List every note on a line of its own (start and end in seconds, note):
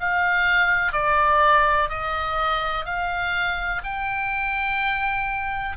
0.00 0.92 F5
0.92 1.89 D5
1.89 2.85 D#5
2.85 3.82 F5
3.84 5.77 G5